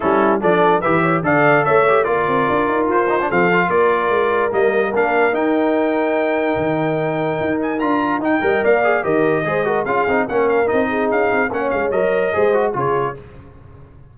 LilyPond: <<
  \new Staff \with { instrumentName = "trumpet" } { \time 4/4 \tempo 4 = 146 a'4 d''4 e''4 f''4 | e''4 d''2 c''4 | f''4 d''2 dis''4 | f''4 g''2.~ |
g''2~ g''8 gis''8 ais''4 | g''4 f''4 dis''2 | f''4 fis''8 f''8 dis''4 f''4 | fis''8 f''8 dis''2 cis''4 | }
  \new Staff \with { instrumentName = "horn" } { \time 4/4 e'4 a'4 b'8 cis''8 d''4 | cis''4 ais'2. | a'4 ais'2.~ | ais'1~ |
ais'1~ | ais'8 dis''8 d''4 ais'4 c''8 ais'8 | gis'4 ais'4. gis'4. | cis''2 c''4 gis'4 | }
  \new Staff \with { instrumentName = "trombone" } { \time 4/4 cis'4 d'4 g'4 a'4~ | a'8 g'8 f'2~ f'8 dis'16 d'16 | c'8 f'2~ f'8 ais4 | d'4 dis'2.~ |
dis'2. f'4 | dis'8 ais'4 gis'8 g'4 gis'8 fis'8 | f'8 dis'8 cis'4 dis'2 | cis'4 ais'4 gis'8 fis'8 f'4 | }
  \new Staff \with { instrumentName = "tuba" } { \time 4/4 g4 f4 e4 d4 | a4 ais8 c'8 d'8 dis'8 f'4 | f4 ais4 gis4 g4 | ais4 dis'2. |
dis2 dis'4 d'4 | dis'8 g8 ais4 dis4 gis4 | cis'8 c'8 ais4 c'4 cis'8 c'8 | ais8 gis8 fis4 gis4 cis4 | }
>>